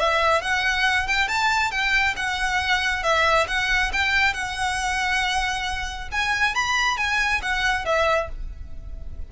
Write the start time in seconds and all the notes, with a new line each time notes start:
0.00 E5
0.42 F#5
1.07 G5
1.28 A5
1.71 G5
2.17 F#5
3.03 E5
3.48 F#5
3.93 G5
4.34 F#5
6.12 G#5
6.55 B5
6.98 G#5
7.42 F#5
7.85 E5